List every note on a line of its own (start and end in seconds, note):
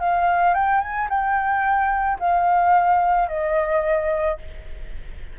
0.00 0.55 F5
0.55 0.81 G5
0.81 1.08 G#5
1.09 2.18 G5
2.20 3.29 F5
3.29 4.38 D#5